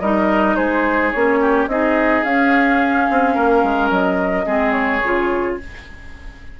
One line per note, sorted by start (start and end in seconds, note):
0.00 0.57 G3
0.00 1.14 D#4
0.00 0.56 A#4
0.00 0.56 D#5
0.56 1.13 G#3
0.56 1.40 G#4
0.56 1.11 C5
1.12 1.67 A#3
1.12 1.70 C#4
1.12 1.67 C#5
1.41 1.69 G4
1.67 2.23 C4
1.67 2.25 D#4
1.67 3.34 G#4
1.67 2.24 D#5
2.24 3.08 C#4
2.24 4.46 C#4
2.24 3.91 F5
3.10 3.36 C4
3.34 3.63 A#3
3.34 4.45 A#4
3.63 3.91 G#3
3.91 4.46 F#3
3.91 4.72 D#5
4.46 5.02 G#3
4.46 5.01 C4
4.46 5.57 G#4
4.72 5.55 C#5
5.03 5.59 C#3
5.03 5.60 F4